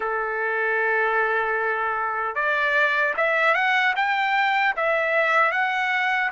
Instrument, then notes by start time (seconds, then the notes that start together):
trumpet
0.00 A4
2.35 D5
3.17 E5
3.54 F#5
3.95 G5
4.76 E5
5.51 F#5